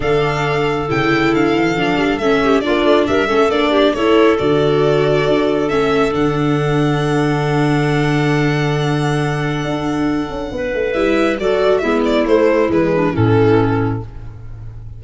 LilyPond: <<
  \new Staff \with { instrumentName = "violin" } { \time 4/4 \tempo 4 = 137 f''2 g''4 f''4~ | f''4 e''4 d''4 e''4 | d''4 cis''4 d''2~ | d''4 e''4 fis''2~ |
fis''1~ | fis''1~ | fis''4 e''4 d''4 e''8 d''8 | c''4 b'4 a'2 | }
  \new Staff \with { instrumentName = "clarinet" } { \time 4/4 a'1~ | a'4. g'8 f'4 ais'8 a'8~ | a'8 g'8 a'2.~ | a'1~ |
a'1~ | a'1 | b'2 a'4 e'4~ | e'4. d'8 cis'2 | }
  \new Staff \with { instrumentName = "viola" } { \time 4/4 d'2 e'2 | d'4 cis'4 d'4. cis'8 | d'4 e'4 fis'2~ | fis'4 cis'4 d'2~ |
d'1~ | d'1~ | d'4 e'4 fis'4 b4 | a4 gis4 e2 | }
  \new Staff \with { instrumentName = "tuba" } { \time 4/4 d2 cis4 d8 e8 | f8 g8 a4 ais8 a8 g8 a8 | ais4 a4 d2 | d'4 a4 d2~ |
d1~ | d2 d'4. cis'8 | b8 a8 g4 fis4 gis4 | a4 e4 a,2 | }
>>